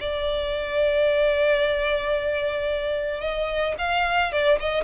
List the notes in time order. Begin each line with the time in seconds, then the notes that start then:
0.00 D5
3.21 D#5
3.78 F5
4.32 D5
4.60 D#5